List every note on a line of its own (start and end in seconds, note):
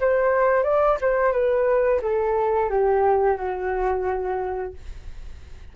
0.00 0.64 C5
0.64 0.98 D5
1.01 1.32 C5
1.32 2.01 B4
2.01 2.70 A4
2.70 3.37 G4
3.37 4.73 F#4